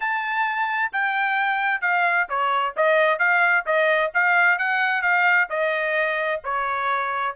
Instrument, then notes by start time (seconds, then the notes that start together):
trumpet
0.00 A5
0.92 G5
1.81 F5
2.29 C#5
2.76 D#5
3.18 F5
3.65 D#5
4.13 F5
4.58 F#5
5.02 F5
5.49 D#5
6.44 C#5